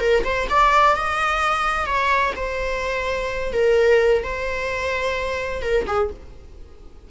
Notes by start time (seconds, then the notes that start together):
0.00 A#4
0.24 C5
0.49 D5
0.96 D#5
1.86 C#5
2.36 C5
3.53 A#4
4.23 C5
5.62 A#4
5.87 G#4